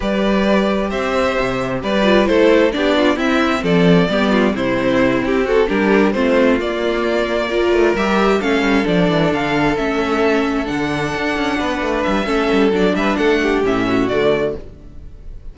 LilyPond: <<
  \new Staff \with { instrumentName = "violin" } { \time 4/4 \tempo 4 = 132 d''2 e''2 | d''4 c''4 d''4 e''4 | d''2 c''4. g'8 | a'8 ais'4 c''4 d''4.~ |
d''4. e''4 f''4 d''8~ | d''8 f''4 e''2 fis''8~ | fis''2~ fis''8 e''4. | d''8 e''8 fis''4 e''4 d''4 | }
  \new Staff \with { instrumentName = "violin" } { \time 4/4 b'2 c''2 | b'4 a'4 g'8 f'8 e'4 | a'4 g'8 f'8 e'2 | fis'8 g'4 f'2~ f'8~ |
f'8 ais'2 a'4.~ | a'1~ | a'4. b'4. a'4~ | a'8 b'8 a'8 g'4 fis'4. | }
  \new Staff \with { instrumentName = "viola" } { \time 4/4 g'1~ | g'8 f'8 e'4 d'4 c'4~ | c'4 b4 c'2~ | c'8 d'4 c'4 ais4.~ |
ais8 f'4 g'4 cis'4 d'8~ | d'4. cis'2 d'8~ | d'2. cis'4 | d'2 cis'4 a4 | }
  \new Staff \with { instrumentName = "cello" } { \time 4/4 g2 c'4 c4 | g4 a4 b4 c'4 | f4 g4 c4. c'8~ | c'8 g4 a4 ais4.~ |
ais4 a8 g4 a8 g8 f8 | e8 d4 a2 d8~ | d8 d'8 cis'8 b8 a8 g8 a8 g8 | fis8 g8 a4 a,4 d4 | }
>>